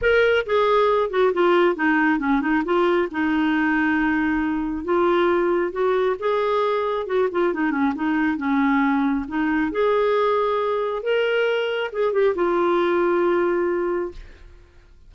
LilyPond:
\new Staff \with { instrumentName = "clarinet" } { \time 4/4 \tempo 4 = 136 ais'4 gis'4. fis'8 f'4 | dis'4 cis'8 dis'8 f'4 dis'4~ | dis'2. f'4~ | f'4 fis'4 gis'2 |
fis'8 f'8 dis'8 cis'8 dis'4 cis'4~ | cis'4 dis'4 gis'2~ | gis'4 ais'2 gis'8 g'8 | f'1 | }